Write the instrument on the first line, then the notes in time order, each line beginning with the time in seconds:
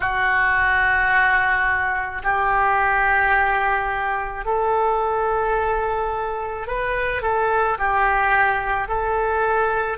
oboe
0.00 F#4
2.23 G4
4.44 A4
6.67 B4
7.22 A4
7.78 G4
8.87 A4